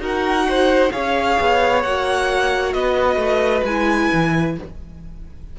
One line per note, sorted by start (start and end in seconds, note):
0.00 0.91 D#4
0.00 0.91 F#4
0.00 0.48 A#4
0.00 0.92 F#5
0.49 0.93 C5
0.92 1.39 C#4
0.92 1.83 G#4
0.92 2.75 C#5
0.92 1.83 F5
1.40 1.85 B3
1.83 2.75 A#3
1.83 3.68 F#4
1.83 2.73 F#5
2.74 3.16 B3
2.74 4.57 B4
2.74 3.65 D#5
3.16 3.62 A3
3.65 4.10 G#3
3.65 4.59 E4
3.65 4.57 G#5
4.13 4.59 E3